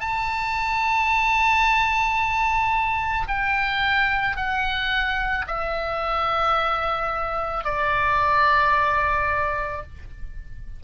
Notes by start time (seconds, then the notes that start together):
0.00 A5
3.28 G5
4.36 F#5
5.47 E5
7.65 D5